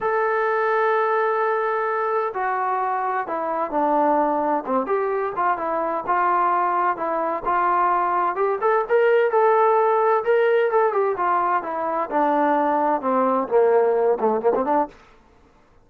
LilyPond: \new Staff \with { instrumentName = "trombone" } { \time 4/4 \tempo 4 = 129 a'1~ | a'4 fis'2 e'4 | d'2 c'8 g'4 f'8 | e'4 f'2 e'4 |
f'2 g'8 a'8 ais'4 | a'2 ais'4 a'8 g'8 | f'4 e'4 d'2 | c'4 ais4. a8 ais16 c'16 d'8 | }